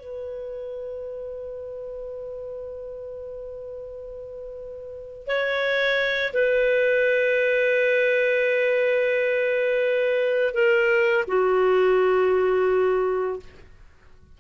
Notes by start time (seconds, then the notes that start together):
0.00 B4
5.27 C#5
6.34 B4
10.54 A#4
11.28 F#4